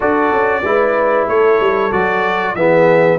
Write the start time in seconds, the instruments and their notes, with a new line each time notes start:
0.00 tuba D4, trombone F#4, horn A4, trumpet D5
0.31 tuba C#4
0.63 tuba G#3, trombone E4, horn B4
1.27 tuba A3, horn A4, trumpet C#5
1.60 tuba G3
1.91 tuba F#3, trombone F#4, trumpet D5
2.54 tuba E3, trombone B3, horn G#4, trumpet E5